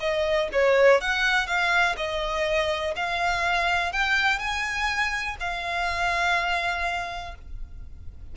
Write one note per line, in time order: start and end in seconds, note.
0.00 0.49 D#5
0.52 1.01 C#5
1.01 1.47 F#5
1.47 1.96 F5
1.97 2.94 D#5
2.96 3.92 F5
3.92 4.39 G5
4.39 5.36 G#5
5.40 7.35 F5